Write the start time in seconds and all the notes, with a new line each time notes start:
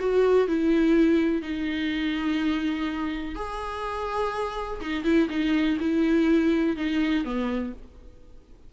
0.00 F#4
0.48 E4
1.43 D#4
3.36 G#4
4.81 D#4
5.05 E4
5.30 D#4
5.81 E4
6.77 D#4
7.25 B3